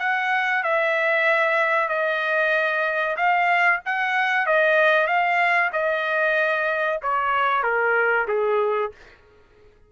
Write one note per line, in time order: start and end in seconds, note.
0.00 0.64 F#5
0.64 1.89 E5
1.89 3.17 D#5
3.17 3.81 F5
3.86 4.47 F#5
4.47 5.07 D#5
5.07 5.71 F5
5.73 7.01 D#5
7.03 7.64 C#5
7.64 8.27 A#4
8.29 8.92 G#4